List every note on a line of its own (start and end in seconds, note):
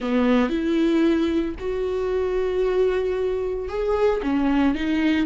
0.00 0.49 B3
0.49 1.55 E4
1.59 3.68 F#4
3.68 4.21 G#4
4.22 4.74 C#4
4.74 5.26 D#4